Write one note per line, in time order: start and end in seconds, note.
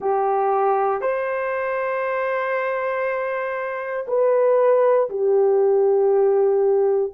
0.00 1.01 G4
1.01 4.06 C5
4.07 5.09 B4
5.09 7.12 G4